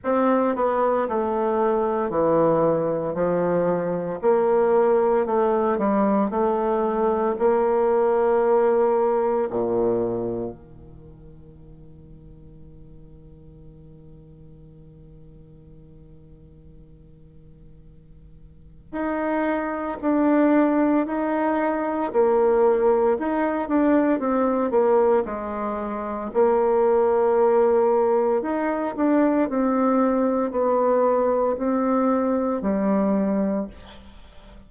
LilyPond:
\new Staff \with { instrumentName = "bassoon" } { \time 4/4 \tempo 4 = 57 c'8 b8 a4 e4 f4 | ais4 a8 g8 a4 ais4~ | ais4 ais,4 dis2~ | dis1~ |
dis2 dis'4 d'4 | dis'4 ais4 dis'8 d'8 c'8 ais8 | gis4 ais2 dis'8 d'8 | c'4 b4 c'4 g4 | }